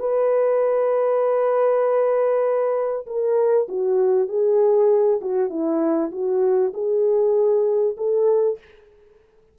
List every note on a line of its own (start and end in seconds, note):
0.00 3.06 B4
3.06 3.68 A#4
3.68 4.29 F#4
4.29 5.20 G#4
5.21 5.50 F#4
5.50 6.11 E4
6.12 6.73 F#4
6.74 7.96 G#4
7.98 8.59 A4